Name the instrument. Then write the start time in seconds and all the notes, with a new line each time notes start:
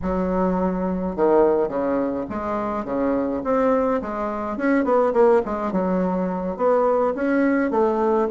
bassoon
0.02 F#3
1.16 D#3
1.68 C#3
2.29 G#3
2.84 C#3
3.44 C4
4.01 G#3
4.57 C#4
4.84 B3
5.13 A#3
5.45 G#3
5.72 F#3
6.56 B3
7.14 C#4
7.70 A3